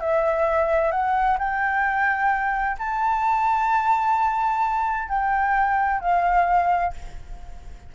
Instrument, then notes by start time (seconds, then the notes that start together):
flute
0.00 E5
0.91 F#5
1.38 G5
2.79 A5
5.09 G5
6.01 F5